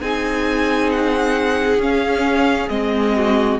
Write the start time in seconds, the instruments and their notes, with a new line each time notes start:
0.00 cello C4, viola D#4, violin G#4 G#5
0.92 violin F#5
1.78 cello C#4, viola C#4, violin F5
2.69 cello G#3, viola C4, violin D#5
3.15 violin F#4